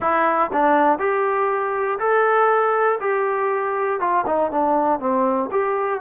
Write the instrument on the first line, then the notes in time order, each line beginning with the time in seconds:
trombone
0.00 E4
0.53 D4
0.98 G4
1.99 A4
3.00 G4
4.00 F4
4.26 D#4
4.51 D4
4.99 C4
5.51 G4